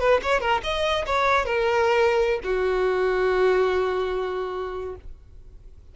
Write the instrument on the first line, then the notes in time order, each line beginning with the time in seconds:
violin
0.00 B4
0.23 C#5
0.41 A#4
0.64 D#5
1.07 C#5
1.46 A#4
2.44 F#4